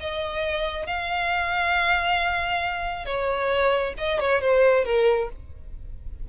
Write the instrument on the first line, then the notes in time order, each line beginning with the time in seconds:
violin
0.00 D#5
0.86 F5
3.06 C#5
3.98 D#5
4.20 C#5
4.41 C5
4.85 A#4